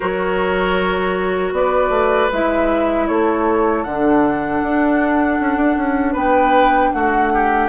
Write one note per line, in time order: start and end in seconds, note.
0.00 1.52 F#3
0.00 2.30 F#4
0.00 1.53 A#4
0.00 1.53 C#5
1.52 1.89 B3
1.52 3.08 B4
1.52 2.31 D5
1.89 2.28 A3
2.31 3.08 G#3
2.31 3.86 E4
2.31 3.07 E5
3.07 3.85 A3
3.07 6.12 A4
3.07 3.83 C#5
3.83 4.62 D3
3.83 7.68 D4
3.83 6.14 F#5
4.62 5.39 D4
5.40 5.56 C#4
5.56 5.75 D4
5.76 6.14 C#4
6.12 6.91 B3
6.12 6.89 B4
6.12 6.92 G5
6.92 7.68 A3
6.92 7.33 F#4
6.92 7.68 F#5
7.33 7.68 G4